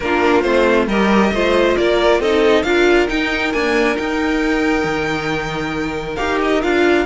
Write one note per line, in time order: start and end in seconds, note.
0.00 0.44 A#3
0.00 0.43 D4
0.00 0.87 F4
0.00 0.41 A#4
0.41 0.87 A3
0.41 0.87 C4
0.41 0.85 C5
0.87 1.31 G3
0.87 1.34 G4
0.87 1.32 A#4
0.87 1.76 D#5
1.32 1.76 A3
1.32 2.23 F4
1.32 1.78 C5
1.76 2.19 A#3
1.76 2.20 A#4
1.76 2.20 D5
2.19 2.63 C4
2.19 2.64 D#4
2.19 2.64 A4
2.19 2.63 D#5
2.63 3.08 D4
2.63 3.08 F4
2.63 7.06 A#4
2.63 3.07 F5
3.08 3.52 D#4
3.08 3.53 D#4
3.08 3.52 G5
3.52 3.94 A#3
3.52 3.97 D4
3.52 3.97 G#5
3.94 6.15 D#4
3.94 4.84 D#4
3.94 6.16 G5
4.84 6.16 D#3
6.16 6.63 D#4
6.16 6.61 G4
6.16 6.38 F5
6.42 6.62 D#5
6.62 7.06 D4
6.62 7.06 F4
6.62 7.06 F5